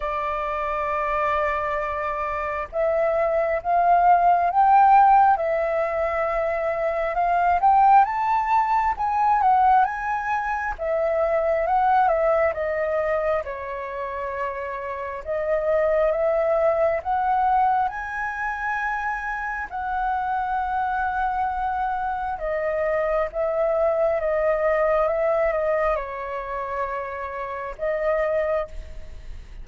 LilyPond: \new Staff \with { instrumentName = "flute" } { \time 4/4 \tempo 4 = 67 d''2. e''4 | f''4 g''4 e''2 | f''8 g''8 a''4 gis''8 fis''8 gis''4 | e''4 fis''8 e''8 dis''4 cis''4~ |
cis''4 dis''4 e''4 fis''4 | gis''2 fis''2~ | fis''4 dis''4 e''4 dis''4 | e''8 dis''8 cis''2 dis''4 | }